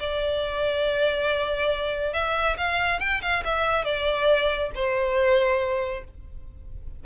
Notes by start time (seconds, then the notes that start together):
0.00 D5
2.13 E5
2.57 F5
3.00 G5
3.22 F5
3.45 E5
3.85 D5
4.75 C5